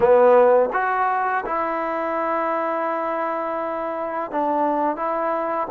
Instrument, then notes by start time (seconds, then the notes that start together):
trombone
0.00 B3
0.72 F#4
1.45 E4
4.31 D4
4.96 E4